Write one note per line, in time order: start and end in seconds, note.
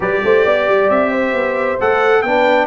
0.00 0.21 G3
0.00 1.78 G4
0.00 0.22 B4
0.00 0.90 D5
0.24 0.45 A3
0.24 0.45 C5
0.45 0.67 B3
0.45 1.11 D5
0.67 0.89 G3
0.89 1.33 C4
0.89 1.78 E5
1.11 2.22 C5
1.33 1.77 B3
1.80 2.22 A3
1.80 2.24 A4
1.80 2.21 F#5
2.21 2.66 B3
2.21 2.67 D4
2.21 2.67 B4
2.21 2.66 G5